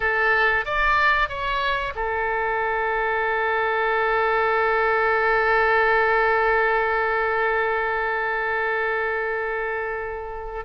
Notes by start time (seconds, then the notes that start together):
0.00 A4
0.65 D5
1.28 C#5
1.95 A4